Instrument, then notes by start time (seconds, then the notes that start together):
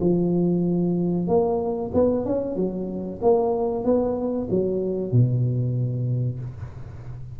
tuba
0.00 F3
1.27 A#3
1.94 B3
2.25 C#4
2.56 F#3
3.22 A#3
3.84 B3
4.50 F#3
5.12 B2